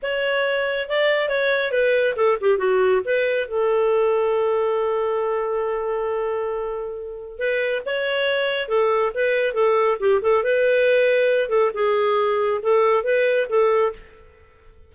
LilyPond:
\new Staff \with { instrumentName = "clarinet" } { \time 4/4 \tempo 4 = 138 cis''2 d''4 cis''4 | b'4 a'8 g'8 fis'4 b'4 | a'1~ | a'1~ |
a'4 b'4 cis''2 | a'4 b'4 a'4 g'8 a'8 | b'2~ b'8 a'8 gis'4~ | gis'4 a'4 b'4 a'4 | }